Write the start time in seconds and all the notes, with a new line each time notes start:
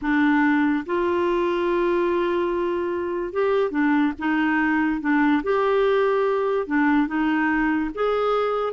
0.01 D4
0.86 F4
3.32 G4
3.71 D4
4.18 D#4
5.01 D4
5.43 G4
6.67 D4
7.07 D#4
7.94 G#4